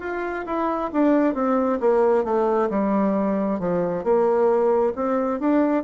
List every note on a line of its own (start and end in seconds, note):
0.00 0.45 F4
0.46 0.91 E4
0.92 1.34 D4
1.34 1.79 C4
1.80 2.24 A#3
2.24 2.69 A3
2.69 3.59 G3
3.59 4.03 F3
4.03 4.93 A#3
4.95 5.40 C4
5.40 5.83 D4